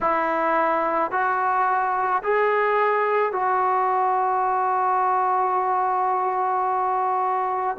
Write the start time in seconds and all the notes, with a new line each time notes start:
0.01 E4
1.11 F#4
2.23 G#4
3.32 F#4